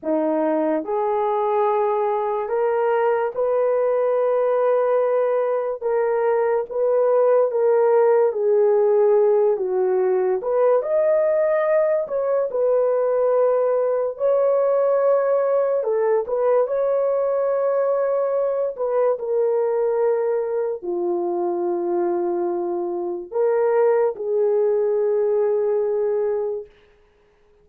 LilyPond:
\new Staff \with { instrumentName = "horn" } { \time 4/4 \tempo 4 = 72 dis'4 gis'2 ais'4 | b'2. ais'4 | b'4 ais'4 gis'4. fis'8~ | fis'8 b'8 dis''4. cis''8 b'4~ |
b'4 cis''2 a'8 b'8 | cis''2~ cis''8 b'8 ais'4~ | ais'4 f'2. | ais'4 gis'2. | }